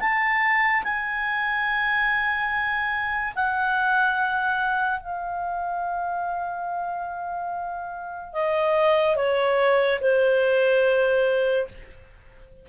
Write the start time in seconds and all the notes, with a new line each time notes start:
0.00 A5
0.84 G#5
3.36 F#5
5.00 F5
8.33 D#5
9.16 C#5
10.01 C5